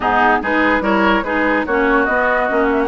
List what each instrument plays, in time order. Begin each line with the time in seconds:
0.00 bassoon G#2, clarinet B3, oboe D#4, flute G#4
0.42 bassoon G#3, clarinet D#4, oboe G#4, flute B4
0.81 bassoon G3, clarinet E4, oboe A#4, flute C#5
1.22 bassoon G#3, clarinet D#4, oboe G#4, flute B4
1.66 bassoon A#3, clarinet C#4, oboe F#4, flute C#5
2.04 clarinet B3, bassoon B3, flute D#5
2.48 bassoon A#3, clarinet C#4
2.71 flute E5
2.81 flute F#5